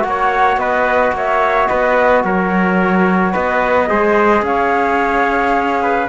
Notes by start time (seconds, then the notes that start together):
0.00 A#3 F#4 F#5
0.09 C#5
0.57 B3 B4 D#5
1.12 A#3 C#5 E5
1.67 B3 B4 D#5
2.24 F#3 A#4 C#5
3.32 B3 B4 D#5
3.87 G#3 G#4 C5
4.42 C#4 C#5 F5
5.82 B4